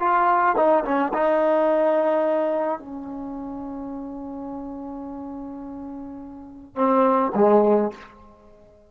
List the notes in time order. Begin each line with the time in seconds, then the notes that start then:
0.00 F4
0.56 D#4
0.85 C#4
1.14 D#4
2.80 C#4
6.76 C4
7.35 G#3